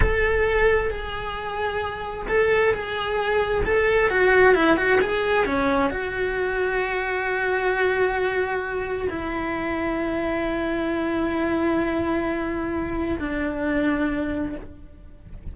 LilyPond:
\new Staff \with { instrumentName = "cello" } { \time 4/4 \tempo 4 = 132 a'2 gis'2~ | gis'4 a'4 gis'2 | a'4 fis'4 e'8 fis'8 gis'4 | cis'4 fis'2.~ |
fis'1 | e'1~ | e'1~ | e'4 d'2. | }